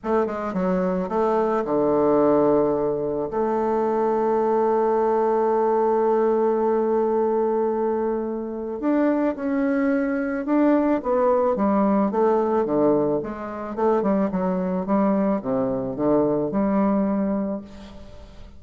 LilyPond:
\new Staff \with { instrumentName = "bassoon" } { \time 4/4 \tempo 4 = 109 a8 gis8 fis4 a4 d4~ | d2 a2~ | a1~ | a1 |
d'4 cis'2 d'4 | b4 g4 a4 d4 | gis4 a8 g8 fis4 g4 | c4 d4 g2 | }